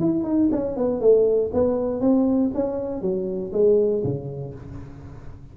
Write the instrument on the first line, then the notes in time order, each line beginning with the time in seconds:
tuba
0.00 E4
0.24 D#4
0.52 C#4
0.77 B3
1.01 A3
1.54 B3
2.01 C4
2.54 C#4
3.01 F#3
3.53 G#3
4.04 C#3